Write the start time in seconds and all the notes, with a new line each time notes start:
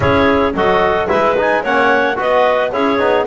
0.00 C#4 E4 G#4 C#5
0.54 F#3 F#4 A4 D#5
1.08 G#3 E4 B4 E5
1.37 D#4 G#5
1.63 A#3 C#4 C#5 F#5
2.15 B3 F#4 B4 D#5
2.71 C#4 E4 G#4 C#5
2.98 B3 D#4